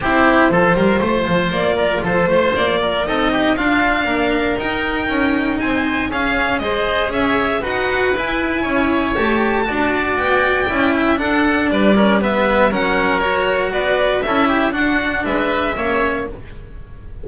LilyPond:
<<
  \new Staff \with { instrumentName = "violin" } { \time 4/4 \tempo 4 = 118 c''2. d''4 | c''4 d''4 dis''4 f''4~ | f''4 g''2 gis''4 | f''4 dis''4 e''4 fis''4 |
gis''2 a''2 | g''2 fis''4 d''4 | e''4 fis''4 cis''4 d''4 | e''4 fis''4 e''2 | }
  \new Staff \with { instrumentName = "oboe" } { \time 4/4 g'4 a'8 ais'8 c''4. ais'8 | a'8 c''4 ais'8 a'8 g'8 f'4 | ais'2. c''4 | gis'4 c''4 cis''4 b'4~ |
b'4 cis''2 d''4~ | d''4. e''8 a'4 b'8 ais'8 | b'4 ais'2 b'4 | a'8 g'8 fis'4 b'4 cis''4 | }
  \new Staff \with { instrumentName = "cello" } { \time 4/4 e'4 f'2.~ | f'2 dis'4 d'4~ | d'4 dis'2. | cis'4 gis'2 fis'4 |
e'2 g'4 fis'4~ | fis'4 e'4 d'4. cis'8 | b4 cis'4 fis'2 | e'4 d'2 cis'4 | }
  \new Staff \with { instrumentName = "double bass" } { \time 4/4 c'4 f8 g8 a8 f8 ais4 | f8 a8 ais4 c'4 d'4 | ais4 dis'4 cis'4 c'4 | cis'4 gis4 cis'4 dis'4 |
e'4 cis'4 a4 d'4 | b4 cis'4 d'4 g4~ | g4 fis2 b4 | cis'4 d'4 gis4 ais4 | }
>>